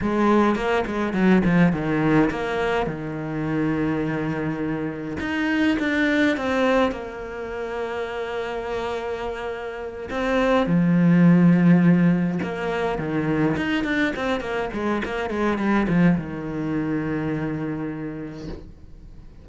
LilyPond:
\new Staff \with { instrumentName = "cello" } { \time 4/4 \tempo 4 = 104 gis4 ais8 gis8 fis8 f8 dis4 | ais4 dis2.~ | dis4 dis'4 d'4 c'4 | ais1~ |
ais4. c'4 f4.~ | f4. ais4 dis4 dis'8 | d'8 c'8 ais8 gis8 ais8 gis8 g8 f8 | dis1 | }